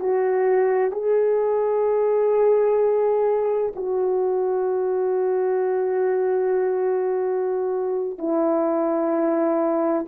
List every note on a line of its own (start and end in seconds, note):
0.00 0.92 F#4
0.92 3.73 G#4
3.76 8.19 F#4
8.19 10.06 E4